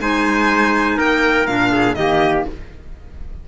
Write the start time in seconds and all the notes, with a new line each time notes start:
0.00 G#3 D#4 C5 G#5
0.97 A#3 A#4 G5
1.47 A#2 D4 F5
1.72 G#4
1.95 D#3 A#3 G4 D#5